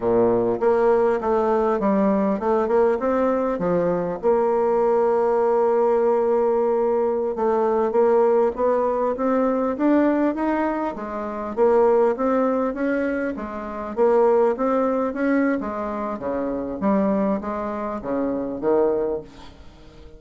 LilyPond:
\new Staff \with { instrumentName = "bassoon" } { \time 4/4 \tempo 4 = 100 ais,4 ais4 a4 g4 | a8 ais8 c'4 f4 ais4~ | ais1~ | ais16 a4 ais4 b4 c'8.~ |
c'16 d'4 dis'4 gis4 ais8.~ | ais16 c'4 cis'4 gis4 ais8.~ | ais16 c'4 cis'8. gis4 cis4 | g4 gis4 cis4 dis4 | }